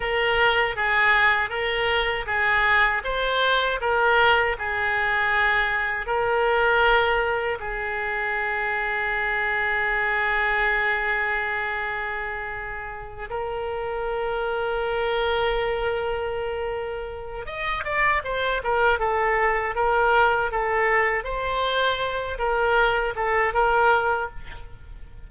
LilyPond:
\new Staff \with { instrumentName = "oboe" } { \time 4/4 \tempo 4 = 79 ais'4 gis'4 ais'4 gis'4 | c''4 ais'4 gis'2 | ais'2 gis'2~ | gis'1~ |
gis'4. ais'2~ ais'8~ | ais'2. dis''8 d''8 | c''8 ais'8 a'4 ais'4 a'4 | c''4. ais'4 a'8 ais'4 | }